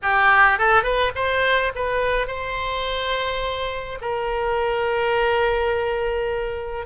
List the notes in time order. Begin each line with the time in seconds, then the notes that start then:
0.02 G4
0.58 A4
0.83 B4
1.15 C5
1.75 B4
2.27 C5
4.01 A#4